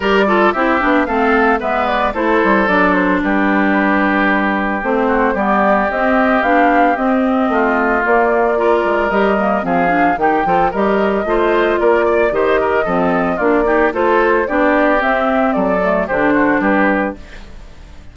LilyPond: <<
  \new Staff \with { instrumentName = "flute" } { \time 4/4 \tempo 4 = 112 d''4 e''4 f''4 e''8 d''8 | c''4 d''8 c''8 b'2~ | b'4 c''4 d''4 dis''4 | f''4 dis''2 d''4~ |
d''4 dis''4 f''4 g''4 | dis''2 d''4 dis''4~ | dis''4 d''4 c''4 d''4 | e''4 d''4 c''4 b'4 | }
  \new Staff \with { instrumentName = "oboe" } { \time 4/4 ais'8 a'8 g'4 a'4 b'4 | a'2 g'2~ | g'4. fis'8 g'2~ | g'2 f'2 |
ais'2 gis'4 g'8 a'8 | ais'4 c''4 ais'8 d''8 c''8 ais'8 | a'4 f'8 g'8 a'4 g'4~ | g'4 a'4 g'8 fis'8 g'4 | }
  \new Staff \with { instrumentName = "clarinet" } { \time 4/4 g'8 f'8 e'8 d'8 c'4 b4 | e'4 d'2.~ | d'4 c'4 b4 c'4 | d'4 c'2 ais4 |
f'4 g'8 ais8 c'8 d'8 dis'8 f'8 | g'4 f'2 g'4 | c'4 d'8 dis'8 f'4 d'4 | c'4. a8 d'2 | }
  \new Staff \with { instrumentName = "bassoon" } { \time 4/4 g4 c'8 b8 a4 gis4 | a8 g8 fis4 g2~ | g4 a4 g4 c'4 | b4 c'4 a4 ais4~ |
ais8 gis8 g4 f4 dis8 f8 | g4 a4 ais4 dis4 | f4 ais4 a4 b4 | c'4 fis4 d4 g4 | }
>>